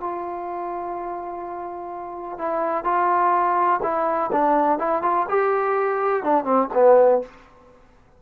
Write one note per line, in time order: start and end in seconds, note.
0.00 2.38 F4
2.38 2.84 E4
2.84 3.80 F4
3.82 4.30 E4
4.32 4.78 D4
4.78 5.02 E4
5.02 5.26 F4
5.28 6.23 G4
6.23 6.44 D4
6.44 6.68 C4
6.74 7.22 B3